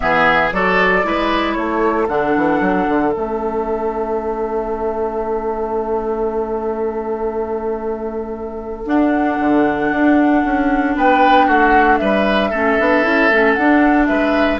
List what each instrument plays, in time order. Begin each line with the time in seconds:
0.00 bassoon E3, clarinet B3, oboe G#4, flute E5
0.52 bassoon F#3, clarinet F#4, oboe A4, flute D5
1.02 bassoon G#3, clarinet E4, oboe B4
1.54 bassoon A3, oboe A4, flute C#5
2.08 bassoon D3, clarinet D4, flute F#5
2.36 bassoon E3
2.60 bassoon F#3
2.88 bassoon D3
3.11 bassoon A3, clarinet C#4, flute E5
8.85 bassoon D4, clarinet D4, flute F#5
9.39 bassoon D3
9.91 bassoon D4
10.44 bassoon C#4
10.96 bassoon B3, oboe B4, flute G5
11.46 bassoon A3, oboe F#4, flute F#5
11.97 bassoon G3, oboe B4, flute E5
12.50 bassoon A3, clarinet C#4, oboe A4
12.79 bassoon B3, clarinet D4
13.03 bassoon C#4, clarinet E4
13.29 bassoon A3, clarinet C#4
13.53 bassoon D4, flute F#5
13.60 clarinet D4
14.06 bassoon G#3, oboe B4, flute E5